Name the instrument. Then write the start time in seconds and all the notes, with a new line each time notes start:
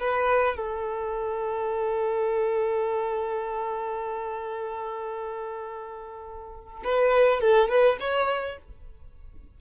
violin
0.00 B4
0.57 A4
6.84 B4
7.41 A4
7.69 B4
8.00 C#5